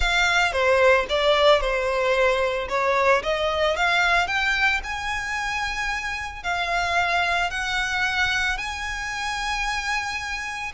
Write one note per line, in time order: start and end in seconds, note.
0.00 0.52 F5
0.52 1.06 C5
1.09 1.60 D5
1.60 2.68 C5
2.68 3.22 C#5
3.23 3.76 D#5
3.76 4.27 F5
4.27 4.80 G5
4.83 6.43 G#5
6.43 7.50 F5
7.50 8.57 F#5
8.57 10.72 G#5